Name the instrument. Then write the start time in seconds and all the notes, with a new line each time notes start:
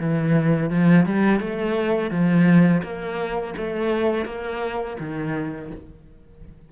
cello
0.00 E3
0.70 F3
1.06 G3
1.40 A3
2.11 F3
2.83 A#3
3.57 A3
4.26 A#3
5.00 D#3